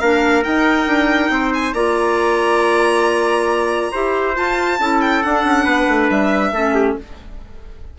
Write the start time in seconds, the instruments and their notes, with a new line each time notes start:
0.00 bassoon A#3, clarinet D4, trumpet A#4, violin F5
0.44 clarinet D#4, bassoon D#4, violin G5
0.87 bassoon D4
1.30 bassoon C4, trumpet C5
1.54 violin G#5
1.74 bassoon A#3, clarinet F4, trumpet D5, violin A#5
3.92 bassoon E4, clarinet G4, trumpet C5
4.35 clarinet F4, bassoon F4, violin A5
4.80 bassoon C#4, clarinet E4, trumpet A4
5.01 violin G5
5.23 clarinet D4, bassoon D4, violin F#5
5.44 bassoon C#4
5.64 bassoon B3, trumpet B4
5.88 bassoon A3
6.10 bassoon G3, violin E5
6.52 bassoon A3, clarinet C#4, trumpet A4
6.75 trumpet G4